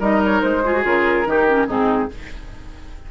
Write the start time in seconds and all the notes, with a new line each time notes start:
0.00 G3 D#4 A#4 D#5
0.25 C#5
0.41 G#3 C5
0.65 F4 G#4
0.74 F#4
0.84 C#3 F4 A#4
1.26 D#3 D#4 G4
1.47 C#4
1.67 G#2 C4 D#4 G#4